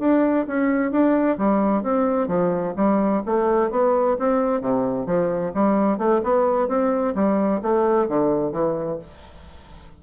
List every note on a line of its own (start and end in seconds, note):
0.00 0.46 D4
0.48 0.92 C#4
0.92 1.38 D4
1.38 1.84 G3
1.84 2.28 C4
2.28 2.75 F3
2.77 3.23 G3
3.26 3.71 A3
3.71 4.17 B3
4.20 4.62 C4
4.62 5.07 C3
5.07 5.53 F3
5.55 5.99 G3
5.99 6.22 A3
6.24 6.69 B3
6.69 7.15 C4
7.15 7.62 G3
7.63 8.09 A3
8.09 8.53 D3
8.53 8.99 E3